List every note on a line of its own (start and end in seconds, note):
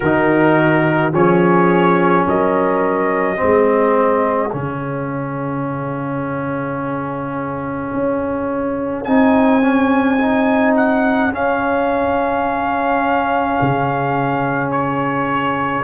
0.00 1.12 D#3
0.00 1.12 D#4
0.00 1.13 F#4
0.00 1.12 A#4
1.12 2.25 F3
1.12 3.36 C#4
1.12 2.26 G#4
1.12 2.27 C#5
2.27 3.40 F#3
2.27 3.38 A#4
2.27 4.53 D#5
3.36 4.49 C4
3.36 15.83 G#4
3.42 4.53 G#3
4.52 7.93 C#3
4.52 9.05 C#4
4.52 9.04 F5
7.93 9.06 C#4
9.04 11.31 C4
9.04 9.61 D#4
9.04 10.73 G#5
9.61 10.18 C#4
10.18 11.31 D#4
10.75 11.32 F#5
11.31 13.57 C#4
11.31 15.83 C#4
11.31 14.71 F5
13.61 15.83 C#3
14.71 15.83 C#5